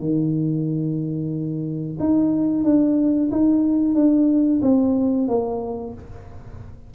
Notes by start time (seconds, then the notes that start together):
0.00 D#3
2.00 D#4
2.64 D4
3.32 D#4
3.95 D4
4.62 C4
5.28 A#3